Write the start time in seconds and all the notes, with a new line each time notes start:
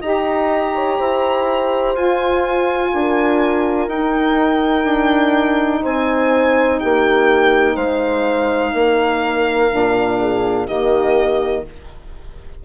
0.00 D#4 G4 D#5 A#5
0.75 C#5
0.99 E4 C5
1.94 F4 G#5
2.93 D4 A#4
3.87 D#4 G5
4.84 D4
5.82 C4 C5 G#5
6.79 A#3 G4 G5
7.74 G#3 C5 F5
8.73 A#3 A#4
9.70 A#2 D4
10.20 G#4
10.67 D#3 A#3 G4 D#5